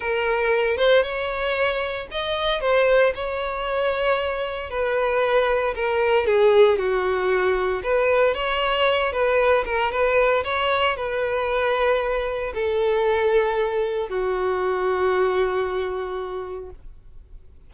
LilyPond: \new Staff \with { instrumentName = "violin" } { \time 4/4 \tempo 4 = 115 ais'4. c''8 cis''2 | dis''4 c''4 cis''2~ | cis''4 b'2 ais'4 | gis'4 fis'2 b'4 |
cis''4. b'4 ais'8 b'4 | cis''4 b'2. | a'2. fis'4~ | fis'1 | }